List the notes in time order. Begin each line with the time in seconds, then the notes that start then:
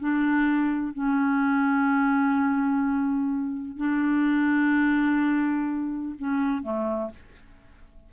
0.00 D4
0.94 C#4
3.77 D4
6.19 C#4
6.63 A3